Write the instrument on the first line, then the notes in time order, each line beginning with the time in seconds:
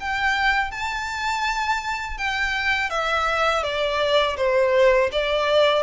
violin
0.00 G5
0.71 A5
2.18 G5
2.90 E5
3.63 D5
4.37 C5
5.12 D5